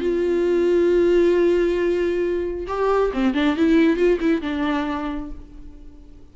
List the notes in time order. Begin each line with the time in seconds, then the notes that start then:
0.00 F4
2.67 G4
3.13 C4
3.34 D4
3.56 E4
3.96 F4
4.20 E4
4.42 D4